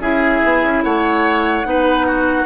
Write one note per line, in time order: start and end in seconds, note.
0.00 0.41 C#4
0.00 1.65 E4
0.00 0.84 G#4
0.00 0.84 E5
0.44 0.64 B3
0.64 0.85 C#4
0.84 1.65 A3
0.84 1.67 C#5
0.84 2.46 F#5
1.65 2.46 B3
1.65 2.46 D#4
1.65 2.07 B4
2.07 2.46 F#4